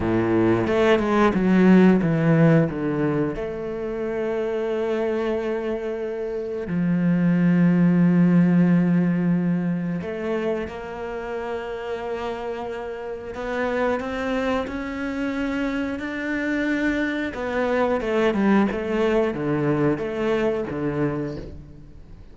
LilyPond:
\new Staff \with { instrumentName = "cello" } { \time 4/4 \tempo 4 = 90 a,4 a8 gis8 fis4 e4 | d4 a2.~ | a2 f2~ | f2. a4 |
ais1 | b4 c'4 cis'2 | d'2 b4 a8 g8 | a4 d4 a4 d4 | }